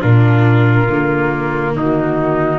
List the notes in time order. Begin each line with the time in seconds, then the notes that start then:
0.00 A#2 D4 F4 A#4
0.89 D3 A#3
1.73 D#3 D#4 F#4